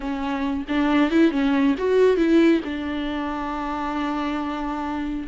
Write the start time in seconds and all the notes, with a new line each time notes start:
0.00 C#4
0.68 D4
1.10 E4
1.31 C#4
1.78 F#4
2.16 E4
2.64 D4